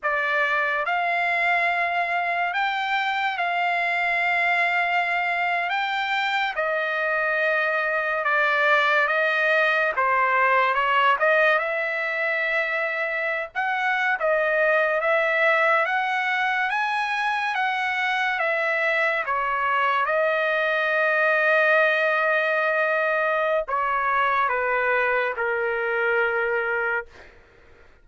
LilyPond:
\new Staff \with { instrumentName = "trumpet" } { \time 4/4 \tempo 4 = 71 d''4 f''2 g''4 | f''2~ f''8. g''4 dis''16~ | dis''4.~ dis''16 d''4 dis''4 c''16~ | c''8. cis''8 dis''8 e''2~ e''16 |
fis''8. dis''4 e''4 fis''4 gis''16~ | gis''8. fis''4 e''4 cis''4 dis''16~ | dis''1 | cis''4 b'4 ais'2 | }